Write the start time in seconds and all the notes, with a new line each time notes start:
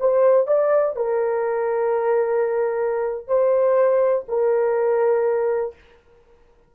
0.00 C5
0.47 D5
0.96 A#4
3.28 C5
4.29 A#4